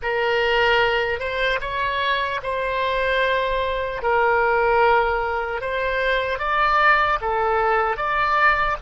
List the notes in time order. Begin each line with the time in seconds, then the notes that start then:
0.02 A#4
1.19 C5
1.60 C#5
2.42 C5
4.02 A#4
5.61 C5
6.38 D5
7.21 A4
7.96 D5